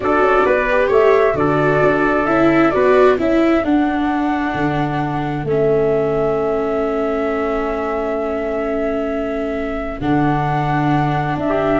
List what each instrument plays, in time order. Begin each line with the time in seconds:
0.00 tuba D4, viola F#4, trumpet A4, flute D5
0.20 tuba C#4
0.45 tuba B3, trumpet B4
0.69 viola G4
0.88 tuba A3, trumpet C#5, flute E5
1.33 tuba D3, viola F#4, trumpet A4, flute D5
1.82 tuba D4
2.25 tuba C#4, viola E4, flute E5
2.70 tuba B3, viola F#4, trumpet B4, flute D5
3.17 tuba C#4, viola E4, trumpet A4, flute E5
3.63 tuba D4, viola D4, flute F#5
4.54 tuba D3
5.44 tuba A3, viola C#4, flute E5
10.00 tuba D3, viola D4, flute F#5
11.36 tuba D4, flute E5
11.49 trumpet G4